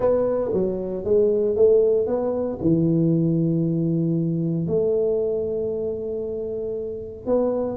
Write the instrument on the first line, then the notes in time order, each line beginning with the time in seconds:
tuba
0.00 B3
0.53 F#3
1.04 G#3
1.56 A3
2.06 B3
2.61 E3
4.67 A3
7.26 B3